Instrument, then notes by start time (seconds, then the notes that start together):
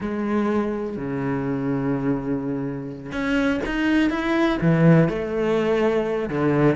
cello
0.00 G#3
0.96 C#3
3.12 C#4
3.65 D#4
4.10 E4
4.61 E3
5.08 A3
6.29 D3